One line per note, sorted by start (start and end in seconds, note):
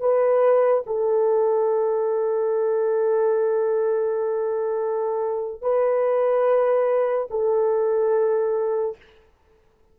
0.00 0.83 B4
0.86 5.61 A4
5.61 7.28 B4
7.30 8.97 A4